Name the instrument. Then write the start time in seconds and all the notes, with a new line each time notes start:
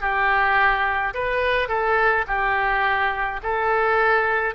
oboe
0.00 G4
1.14 B4
1.68 A4
2.26 G4
3.43 A4